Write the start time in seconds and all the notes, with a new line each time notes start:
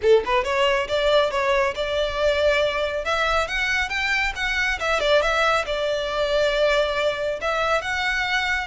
0.02 A4
0.25 B4
0.44 C#5
0.88 D5
1.30 C#5
1.75 D5
3.04 E5
3.47 F#5
3.89 G5
4.35 F#5
4.79 E5
5.00 D5
5.22 E5
5.65 D5
7.41 E5
7.81 F#5